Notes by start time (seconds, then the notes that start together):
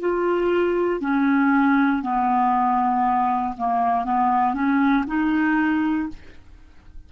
0.00 F4
1.01 C#4
2.03 B3
3.58 A#3
4.05 B3
4.54 C#4
5.08 D#4